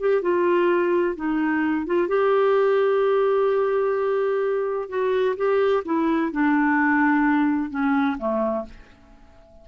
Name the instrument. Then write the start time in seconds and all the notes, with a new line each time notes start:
clarinet
0.00 G4
0.22 F4
1.16 D#4
1.86 F4
2.08 G4
4.89 F#4
5.37 G4
5.85 E4
6.32 D4
7.71 C#4
8.18 A3